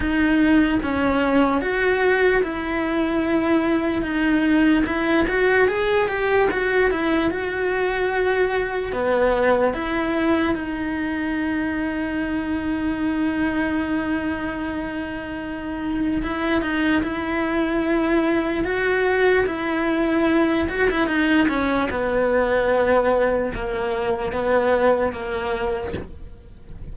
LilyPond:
\new Staff \with { instrumentName = "cello" } { \time 4/4 \tempo 4 = 74 dis'4 cis'4 fis'4 e'4~ | e'4 dis'4 e'8 fis'8 gis'8 g'8 | fis'8 e'8 fis'2 b4 | e'4 dis'2.~ |
dis'1 | e'8 dis'8 e'2 fis'4 | e'4. fis'16 e'16 dis'8 cis'8 b4~ | b4 ais4 b4 ais4 | }